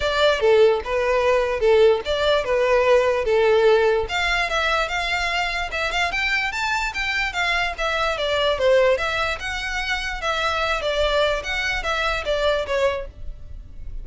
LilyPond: \new Staff \with { instrumentName = "violin" } { \time 4/4 \tempo 4 = 147 d''4 a'4 b'2 | a'4 d''4 b'2 | a'2 f''4 e''4 | f''2 e''8 f''8 g''4 |
a''4 g''4 f''4 e''4 | d''4 c''4 e''4 fis''4~ | fis''4 e''4. d''4. | fis''4 e''4 d''4 cis''4 | }